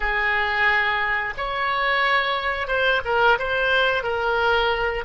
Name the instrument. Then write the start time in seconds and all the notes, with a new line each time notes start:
oboe
0.00 G#4
1.37 C#5
2.67 C5
3.04 A#4
3.39 C5
4.03 A#4